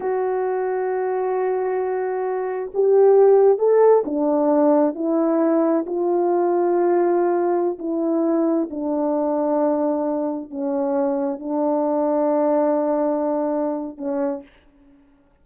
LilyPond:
\new Staff \with { instrumentName = "horn" } { \time 4/4 \tempo 4 = 133 fis'1~ | fis'2 g'2 | a'4 d'2 e'4~ | e'4 f'2.~ |
f'4~ f'16 e'2 d'8.~ | d'2.~ d'16 cis'8.~ | cis'4~ cis'16 d'2~ d'8.~ | d'2. cis'4 | }